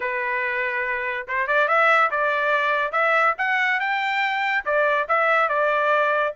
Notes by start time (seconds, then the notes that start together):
0.00 B4
1.27 C5
1.47 D5
1.68 E5
2.10 D5
2.92 E5
3.37 F#5
3.79 G5
4.65 D5
5.08 E5
5.49 D5